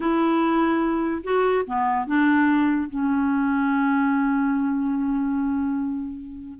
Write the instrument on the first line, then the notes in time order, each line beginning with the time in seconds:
clarinet
0.00 E4
1.23 F#4
1.66 B3
2.07 D4
2.89 C#4